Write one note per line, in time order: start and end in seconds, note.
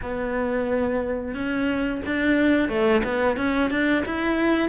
0.02 1.34 B3
1.34 2.01 C#4
2.06 2.68 D4
2.68 3.02 A3
3.04 3.36 B3
3.36 3.70 C#4
3.70 4.04 D4
4.05 4.69 E4